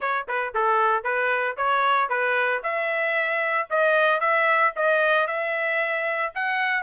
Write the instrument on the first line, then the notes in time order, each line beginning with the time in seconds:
trumpet
0.00 C#5
0.28 B4
0.54 A4
1.03 B4
1.56 C#5
2.09 B4
2.63 E5
3.70 D#5
4.20 E5
4.76 D#5
5.27 E5
6.34 F#5